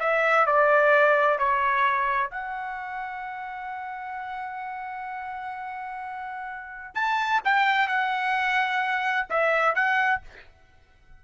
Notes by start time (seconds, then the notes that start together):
0.00 E5
0.47 D5
1.39 C#5
2.31 F#5
6.95 A5
7.45 G5
7.88 F#5
9.30 E5
9.75 F#5